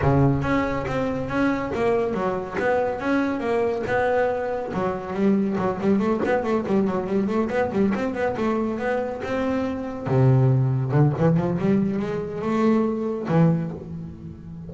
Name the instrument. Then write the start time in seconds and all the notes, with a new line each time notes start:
double bass
0.01 C#3
0.42 C#4
0.87 C4
1.28 C#4
1.74 A#3
2.13 F#3
2.59 B3
2.99 C#4
3.40 A#3
3.86 B3
4.73 F#3
5.13 G3
5.58 F#3
5.80 G3
5.99 A3
6.25 B3
6.43 A3
6.66 G3
6.87 F#3
7.06 G3
7.27 A3
7.49 B3
7.71 G3
7.94 C4
8.14 B3
8.36 A3
8.78 B3
9.23 C4
10.06 C3
10.91 D3
11.18 E3
11.36 F3
11.58 G3
11.99 G#3
12.41 A3
13.28 E3